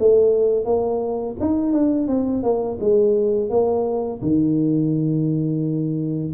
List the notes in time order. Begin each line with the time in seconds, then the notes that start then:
0.00 A3
0.65 A#3
1.41 D#4
1.73 D4
2.08 C4
2.43 A#3
2.80 G#3
3.50 A#3
4.22 D#3